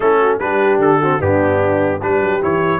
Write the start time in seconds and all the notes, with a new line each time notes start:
0.00 A3 C#4 E4 A4
0.19 F#4
0.39 G3 D4 G4 B4
0.78 D3 A4
1.01 C4 F#4
1.19 G2 B3 D4 G4
2.00 G3 D4 G4 B4
2.21 F#3
2.41 E3 E4 C#5